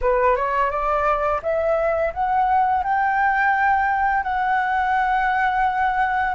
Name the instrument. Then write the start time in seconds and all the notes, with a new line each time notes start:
flute
0.01 B4
0.36 C#5
0.70 D5
1.42 E5
2.13 F#5
2.83 G5
4.23 F#5